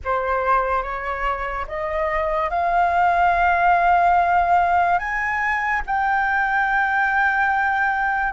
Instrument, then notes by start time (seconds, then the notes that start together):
flute
0.04 C5
0.83 C#5
1.67 D#5
2.50 F5
4.98 G#5
5.86 G5